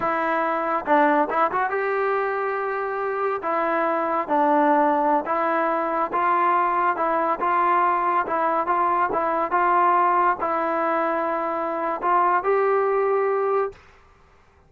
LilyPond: \new Staff \with { instrumentName = "trombone" } { \time 4/4 \tempo 4 = 140 e'2 d'4 e'8 fis'8 | g'1 | e'2 d'2~ | d'16 e'2 f'4.~ f'16~ |
f'16 e'4 f'2 e'8.~ | e'16 f'4 e'4 f'4.~ f'16~ | f'16 e'2.~ e'8. | f'4 g'2. | }